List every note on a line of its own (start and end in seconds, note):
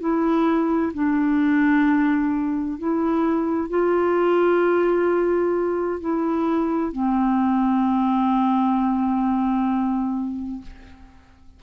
0.00 0.92 E4
0.94 2.78 D4
2.78 3.70 E4
3.70 6.01 F4
6.01 6.92 E4
6.92 10.62 C4